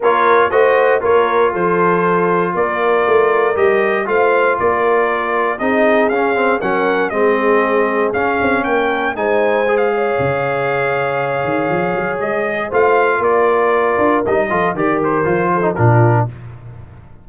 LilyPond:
<<
  \new Staff \with { instrumentName = "trumpet" } { \time 4/4 \tempo 4 = 118 cis''4 dis''4 cis''4 c''4~ | c''4 d''2 dis''4 | f''4 d''2 dis''4 | f''4 fis''4 dis''2 |
f''4 g''4 gis''4~ gis''16 f''8.~ | f''1 | dis''4 f''4 d''2 | dis''4 d''8 c''4. ais'4 | }
  \new Staff \with { instrumentName = "horn" } { \time 4/4 ais'4 c''4 ais'4 a'4~ | a'4 ais'2. | c''4 ais'2 gis'4~ | gis'4 ais'4 gis'2~ |
gis'4 ais'4 c''4. cis''8~ | cis''1~ | cis''4 c''4 ais'2~ | ais'8 a'8 ais'4. a'8 f'4 | }
  \new Staff \with { instrumentName = "trombone" } { \time 4/4 f'4 fis'4 f'2~ | f'2. g'4 | f'2. dis'4 | cis'8 c'8 cis'4 c'2 |
cis'2 dis'4 gis'4~ | gis'1~ | gis'4 f'2. | dis'8 f'8 g'4 f'8. dis'16 d'4 | }
  \new Staff \with { instrumentName = "tuba" } { \time 4/4 ais4 a4 ais4 f4~ | f4 ais4 a4 g4 | a4 ais2 c'4 | cis'4 fis4 gis2 |
cis'8 c'8 ais4 gis2 | cis2~ cis8 dis8 f8 fis8 | gis4 a4 ais4. d'8 | g8 f8 dis4 f4 ais,4 | }
>>